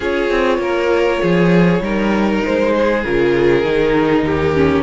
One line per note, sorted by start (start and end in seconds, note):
0.00 0.30 C#4
0.00 1.81 F4
0.00 0.57 G#4
0.00 2.43 C#5
0.30 0.58 C4
0.58 1.19 A#3
0.58 1.21 A#4
1.21 1.79 F3
1.21 1.82 G#4
1.79 2.40 G3
1.79 3.03 D#4
1.79 2.73 A#4
2.44 3.04 G#3
2.44 3.04 C5
2.73 4.24 G#4
3.04 3.64 C#3
3.04 3.64 F4
3.04 4.83 A#4
3.64 4.22 D#3
3.64 4.54 D#4
4.22 4.83 D#2
4.22 4.83 G4
4.54 4.83 C#4